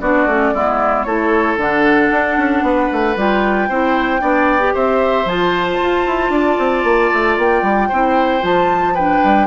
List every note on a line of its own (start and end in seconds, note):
0.00 0.26 B3
0.00 0.28 D4
0.00 0.54 F#4
0.00 1.04 D5
0.26 0.52 A3
0.26 0.54 C#4
0.54 1.05 G#3
0.54 1.06 B3
0.54 1.06 E4
1.04 1.56 A3
1.04 1.58 E4
1.04 2.64 A4
1.04 1.56 C#5
1.56 2.09 D3
1.56 3.16 D4
1.56 3.18 F#5
2.11 2.37 D4
2.37 2.62 C#4
2.62 2.88 B3
2.62 3.69 B4
2.92 3.16 A3
3.16 3.69 G3
3.16 3.69 F4
3.16 4.76 G5
3.69 4.21 C4
3.69 4.20 E4
3.69 4.21 C5
4.20 4.74 B3
4.20 4.59 D4
4.20 4.74 D5
4.59 5.25 G4
4.74 5.25 C4
4.74 6.31 C5
4.74 5.28 E5
5.25 5.77 F3
5.25 7.91 F4
5.25 7.38 A5
5.81 6.06 F4
6.06 6.29 E4
6.29 6.56 D4
6.29 7.88 D5
6.58 6.84 C4
6.84 7.10 A#3
7.13 7.37 A3
7.37 7.62 A#3
7.37 8.44 G5
7.62 7.89 G3
7.88 8.43 C4
7.88 8.41 E4
7.88 8.94 C5
8.41 9.21 F3
8.41 8.93 F4
8.41 8.95 A5
8.94 9.47 D4
8.94 9.47 B4
8.94 9.47 G5
9.24 9.47 G3